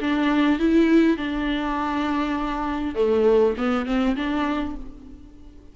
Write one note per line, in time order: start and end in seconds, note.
0.00 0.59 D4
0.59 1.17 E4
1.17 2.95 D4
2.95 3.54 A3
3.57 3.85 B3
3.85 4.15 C4
4.16 4.75 D4